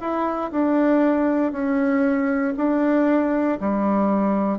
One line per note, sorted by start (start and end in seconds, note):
0.00 0.51 E4
0.51 1.52 D4
1.52 2.53 C#4
2.57 3.58 D4
3.60 4.58 G3